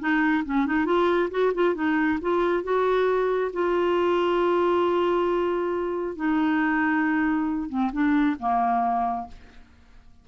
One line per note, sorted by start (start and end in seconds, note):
0.00 0.44 D#4
0.45 0.66 C#4
0.66 0.86 D#4
0.86 1.30 F4
1.31 1.53 F#4
1.54 1.75 F4
1.75 2.19 D#4
2.22 2.64 F4
2.64 3.52 F#4
3.53 6.16 F4
6.16 7.69 D#4
7.69 7.91 C4
7.93 8.37 D4
8.40 9.28 A#3